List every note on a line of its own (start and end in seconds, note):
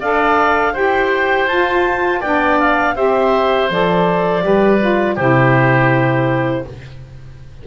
0.00 0.75 D4
0.00 0.73 A4
0.00 0.73 D5
0.00 0.75 F5
0.73 1.47 E4
0.73 1.47 G4
0.73 2.20 C5
0.73 1.48 G5
1.47 2.21 F4
1.47 2.23 F4
1.47 2.21 A5
2.20 2.96 B3
2.20 2.95 D4
2.20 2.94 D5
2.20 2.58 G5
2.59 2.96 F5
2.95 3.70 C4
2.95 3.69 G4
2.95 4.44 C5
2.95 3.70 E5
3.70 4.43 F3
3.70 4.41 A4
3.70 5.17 D5
4.41 5.17 G3
4.41 4.78 G4
4.41 5.15 B4
4.80 5.17 F4
5.15 6.65 C3
5.15 6.67 E4
5.15 6.63 G4
5.15 6.65 C5